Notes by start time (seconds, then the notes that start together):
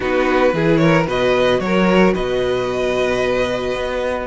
0.00 B3 D#4 F#4 B4
0.53 E3 E4 G#4
0.76 A#4 C#5
1.07 B2 F#4 B4 D#5
1.59 F#3 A#4 C#5
2.14 B2 B4 D#5
3.75 B3